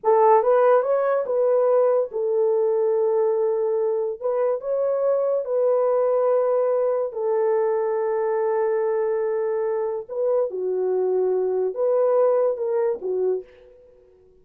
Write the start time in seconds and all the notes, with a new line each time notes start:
0.03 A4
0.42 B4
0.82 C#5
1.26 B4
2.11 A4
4.20 B4
4.61 C#5
5.44 B4
7.12 A4
10.08 B4
10.50 F#4
11.74 B4
12.57 A#4
13.01 F#4